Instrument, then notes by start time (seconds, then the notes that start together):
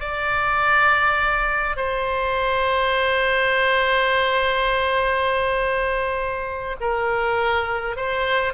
oboe
0.00 D5
1.77 C5
6.80 A#4
7.96 C5